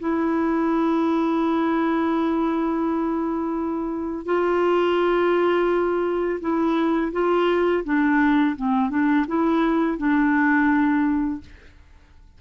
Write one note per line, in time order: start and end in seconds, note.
0.00 4.26 E4
4.26 6.40 F4
6.41 7.12 E4
7.13 7.84 F4
7.84 8.56 D4
8.56 8.90 C4
8.90 9.26 D4
9.28 9.98 E4
9.98 11.41 D4